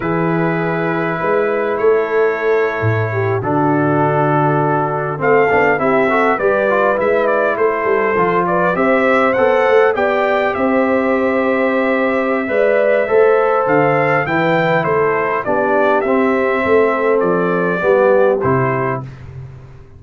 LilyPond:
<<
  \new Staff \with { instrumentName = "trumpet" } { \time 4/4 \tempo 4 = 101 b'2. cis''4~ | cis''4.~ cis''16 a'2~ a'16~ | a'8. f''4 e''4 d''4 e''16~ | e''16 d''8 c''4. d''8 e''4 fis''16~ |
fis''8. g''4 e''2~ e''16~ | e''2. f''4 | g''4 c''4 d''4 e''4~ | e''4 d''2 c''4 | }
  \new Staff \with { instrumentName = "horn" } { \time 4/4 gis'2 b'4 a'4~ | a'4~ a'16 g'8 fis'2~ fis'16~ | fis'8. a'4 g'8 a'8 b'4~ b'16~ | b'8. a'4. b'8 c''4~ c''16~ |
c''8. d''4 c''2~ c''16~ | c''4 d''4 c''2 | b'4 a'4 g'2 | a'2 g'2 | }
  \new Staff \with { instrumentName = "trombone" } { \time 4/4 e'1~ | e'4.~ e'16 d'2~ d'16~ | d'8. c'8 d'8 e'8 fis'8 g'8 f'8 e'16~ | e'4.~ e'16 f'4 g'4 a'16~ |
a'8. g'2.~ g'16~ | g'4 b'4 a'2 | e'2 d'4 c'4~ | c'2 b4 e'4 | }
  \new Staff \with { instrumentName = "tuba" } { \time 4/4 e2 gis4 a4~ | a8. a,4 d2~ d16~ | d8. a8 b8 c'4 g4 gis16~ | gis8. a8 g8 f4 c'4 b16~ |
b16 a8 b4 c'2~ c'16~ | c'4 gis4 a4 d4 | e4 a4 b4 c'4 | a4 f4 g4 c4 | }
>>